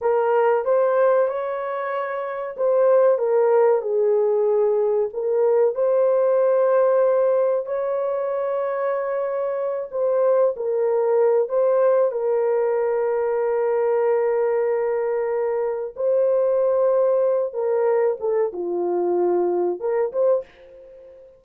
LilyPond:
\new Staff \with { instrumentName = "horn" } { \time 4/4 \tempo 4 = 94 ais'4 c''4 cis''2 | c''4 ais'4 gis'2 | ais'4 c''2. | cis''2.~ cis''8 c''8~ |
c''8 ais'4. c''4 ais'4~ | ais'1~ | ais'4 c''2~ c''8 ais'8~ | ais'8 a'8 f'2 ais'8 c''8 | }